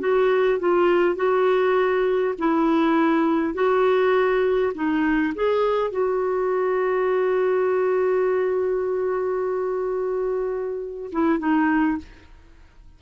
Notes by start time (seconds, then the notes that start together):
0.00 F#4
0.59 F4
1.16 F#4
2.39 E4
3.54 F#4
4.74 D#4
5.35 G#4
5.91 F#4
11.12 E4
11.39 D#4